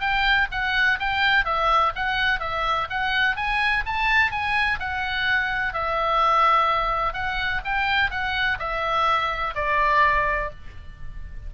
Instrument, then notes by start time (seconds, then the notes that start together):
oboe
0.00 G5
0.51 F#5
0.99 G5
1.45 E5
1.95 F#5
2.40 E5
2.90 F#5
3.36 G#5
3.85 A5
4.31 G#5
4.79 F#5
5.73 E5
7.13 F#5
7.65 G5
8.10 F#5
8.59 E5
9.55 D5